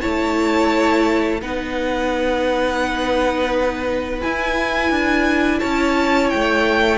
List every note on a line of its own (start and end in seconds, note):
0.00 1.42 A3
0.00 1.41 E4
0.00 1.40 C#5
0.00 1.40 A5
1.41 4.21 B3
1.41 4.20 D#4
1.41 5.59 B4
1.41 4.21 F#5
4.21 6.98 E4
4.21 4.91 E4
4.21 5.59 G#5
4.91 5.60 D4
5.59 6.33 C#4
5.59 6.98 C#5
5.59 6.29 A5
6.29 6.98 A3
6.29 6.98 G5